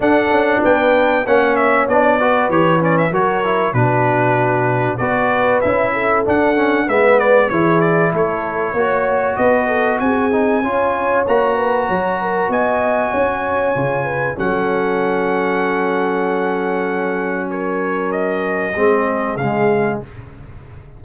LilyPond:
<<
  \new Staff \with { instrumentName = "trumpet" } { \time 4/4 \tempo 4 = 96 fis''4 g''4 fis''8 e''8 d''4 | cis''8 d''16 e''16 cis''4 b'2 | d''4 e''4 fis''4 e''8 d''8 | cis''8 d''8 cis''2 dis''4 |
gis''2 ais''2 | gis''2. fis''4~ | fis''1 | cis''4 dis''2 f''4 | }
  \new Staff \with { instrumentName = "horn" } { \time 4/4 a'4 b'4 cis''4. b'8~ | b'4 ais'4 fis'2 | b'4. a'4. b'4 | gis'4 a'4 cis''4 b'8 a'8 |
gis'4 cis''4. b'8 cis''8 ais'8 | dis''4 cis''4. b'8 a'4~ | a'1 | ais'2 gis'2 | }
  \new Staff \with { instrumentName = "trombone" } { \time 4/4 d'2 cis'4 d'8 fis'8 | g'8 cis'8 fis'8 e'8 d'2 | fis'4 e'4 d'8 cis'8 b4 | e'2 fis'2~ |
fis'8 dis'8 f'4 fis'2~ | fis'2 f'4 cis'4~ | cis'1~ | cis'2 c'4 gis4 | }
  \new Staff \with { instrumentName = "tuba" } { \time 4/4 d'8 cis'8 b4 ais4 b4 | e4 fis4 b,2 | b4 cis'4 d'4 gis4 | e4 a4 ais4 b4 |
c'4 cis'4 ais4 fis4 | b4 cis'4 cis4 fis4~ | fis1~ | fis2 gis4 cis4 | }
>>